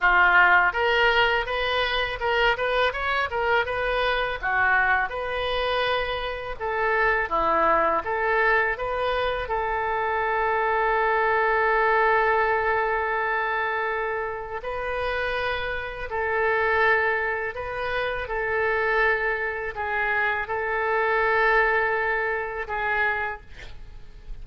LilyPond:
\new Staff \with { instrumentName = "oboe" } { \time 4/4 \tempo 4 = 82 f'4 ais'4 b'4 ais'8 b'8 | cis''8 ais'8 b'4 fis'4 b'4~ | b'4 a'4 e'4 a'4 | b'4 a'2.~ |
a'1 | b'2 a'2 | b'4 a'2 gis'4 | a'2. gis'4 | }